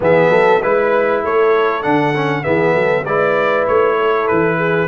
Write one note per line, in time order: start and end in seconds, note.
0.00 0.29 E3
0.00 0.61 B3
0.00 0.30 G#4
0.00 0.62 E5
0.29 0.59 F#3
0.29 0.59 A4
0.59 1.24 G#3
0.59 1.82 E4
0.59 1.21 B4
0.59 1.23 B4
1.24 1.84 A3
1.24 2.45 A4
1.24 1.82 C#5
1.82 2.46 D3
1.82 2.13 D4
1.82 2.43 F#5
2.15 2.43 C#4
2.43 2.75 E3
2.43 3.04 B3
2.43 2.73 G#4
2.43 3.04 E5
2.73 3.04 F#3
2.73 3.04 A4
3.04 3.65 G#3
3.04 4.87 E4
3.04 3.97 B4
3.04 3.66 D5
3.67 4.29 A3
3.67 4.27 C#5
3.98 4.56 A4
4.27 4.87 E3
4.27 4.87 B4
4.56 4.87 G#4